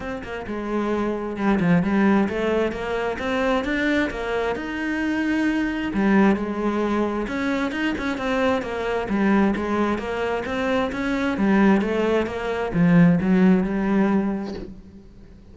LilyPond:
\new Staff \with { instrumentName = "cello" } { \time 4/4 \tempo 4 = 132 c'8 ais8 gis2 g8 f8 | g4 a4 ais4 c'4 | d'4 ais4 dis'2~ | dis'4 g4 gis2 |
cis'4 dis'8 cis'8 c'4 ais4 | g4 gis4 ais4 c'4 | cis'4 g4 a4 ais4 | f4 fis4 g2 | }